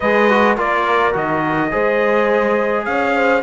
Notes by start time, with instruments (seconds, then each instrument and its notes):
0.00 cello G#3, trombone G#4, horn B4, trumpet D#5
0.29 trombone F#4
0.57 cello A#3, trombone F4, horn A#4, trumpet D5
1.12 cello D#3, trombone F#4, trumpet D#5
1.70 cello G#3, trombone G#4, horn C5
2.85 cello C#4, horn C#5, trumpet F5
3.15 horn C5